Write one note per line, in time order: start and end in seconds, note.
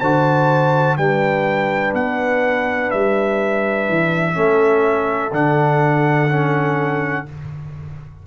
0.00 0.98 D3
0.00 0.99 F#4
0.00 0.97 C5
0.00 0.97 A5
0.98 1.94 G3
0.98 4.34 D4
0.98 4.36 B4
0.98 1.94 G5
1.94 2.91 B3
1.94 2.91 F#5
2.91 3.89 G3
2.91 5.33 E5
3.89 4.36 E3
4.34 5.32 A3
4.34 5.31 C#4
4.34 7.27 A4
5.32 7.25 D3
5.32 6.29 D4
5.32 7.27 F#5
6.30 7.26 C#4